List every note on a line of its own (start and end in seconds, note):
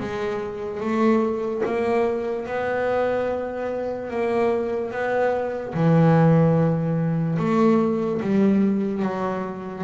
0.00 0.80 G#3
0.80 1.63 A3
1.66 2.46 A#3
2.46 4.10 B3
4.10 4.92 A#3
4.92 5.74 B3
5.74 7.38 E3
7.39 8.21 A3
8.22 9.03 G3
9.03 9.84 F#3